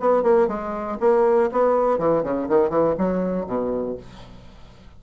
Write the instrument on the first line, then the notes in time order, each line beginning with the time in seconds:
bassoon
0.00 B3
0.22 A#3
0.47 G#3
1.00 A#3
1.51 B3
1.98 E3
2.23 C#3
2.49 D#3
2.69 E3
2.98 F#3
3.46 B2